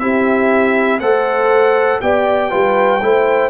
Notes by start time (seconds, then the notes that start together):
0.00 C4 E4 G4 E5
1.00 A3 A4 C5 F#5
2.02 B3 G4 D5 G5
2.51 G3 F4 B4
3.02 A3 E4 C5